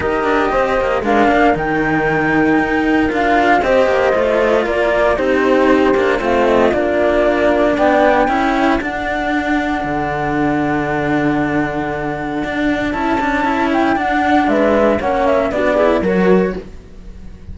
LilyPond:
<<
  \new Staff \with { instrumentName = "flute" } { \time 4/4 \tempo 4 = 116 dis''2 f''4 g''4~ | g''2 f''4 dis''4~ | dis''4 d''4 c''2 | f''8 dis''8 d''2 g''4~ |
g''4 fis''2.~ | fis''1~ | fis''4 a''4. g''8 fis''4 | e''4 fis''8 e''8 d''4 cis''4 | }
  \new Staff \with { instrumentName = "horn" } { \time 4/4 ais'4 c''4 ais'2~ | ais'2. c''4~ | c''4 ais'4 g'2 | f'2. d''4 |
a'1~ | a'1~ | a'1 | b'4 cis''4 fis'8 gis'8 ais'4 | }
  \new Staff \with { instrumentName = "cello" } { \time 4/4 g'2 d'4 dis'4~ | dis'2 f'4 g'4 | f'2 dis'4. d'8 | c'4 d'2. |
e'4 d'2.~ | d'1~ | d'4 e'8 d'8 e'4 d'4~ | d'4 cis'4 d'8 e'8 fis'4 | }
  \new Staff \with { instrumentName = "cello" } { \time 4/4 dis'8 d'8 c'8 ais8 gis8 ais8 dis4~ | dis4 dis'4 d'4 c'8 ais8 | a4 ais4 c'4. ais8 | a4 ais2 b4 |
cis'4 d'2 d4~ | d1 | d'4 cis'2 d'4 | gis4 ais4 b4 fis4 | }
>>